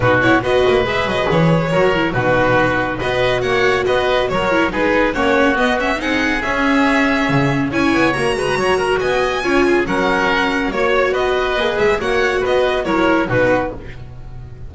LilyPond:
<<
  \new Staff \with { instrumentName = "violin" } { \time 4/4 \tempo 4 = 140 b'8 cis''8 dis''4 e''8 dis''8 cis''4~ | cis''4 b'2 dis''4 | fis''4 dis''4 cis''4 b'4 | cis''4 dis''8 e''8 fis''4 e''4~ |
e''2 gis''4 ais''4~ | ais''4 gis''2 fis''4~ | fis''4 cis''4 dis''4. e''8 | fis''4 dis''4 cis''4 b'4 | }
  \new Staff \with { instrumentName = "oboe" } { \time 4/4 fis'4 b'2. | ais'4 fis'2 b'4 | cis''4 b'4 ais'4 gis'4 | fis'2 gis'2~ |
gis'2 cis''4. b'8 | cis''8 ais'8 dis''4 cis''8 gis'8 ais'4~ | ais'4 cis''4 b'2 | cis''4 b'4 ais'4 fis'4 | }
  \new Staff \with { instrumentName = "viola" } { \time 4/4 dis'8 e'8 fis'4 gis'2 | fis'8 e'8 dis'2 fis'4~ | fis'2~ fis'8 e'8 dis'4 | cis'4 b8 cis'8 dis'4 cis'4~ |
cis'2 e'4 fis'4~ | fis'2 f'4 cis'4~ | cis'4 fis'2 gis'4 | fis'2 e'4 dis'4 | }
  \new Staff \with { instrumentName = "double bass" } { \time 4/4 b,4 b8 ais8 gis8 fis8 e4 | fis4 b,2 b4 | ais4 b4 fis4 gis4 | ais4 b4 c'4 cis'4~ |
cis'4 cis4 cis'8 b8 ais8 gis8 | fis4 b4 cis'4 fis4~ | fis4 ais4 b4 ais8 gis8 | ais4 b4 fis4 b,4 | }
>>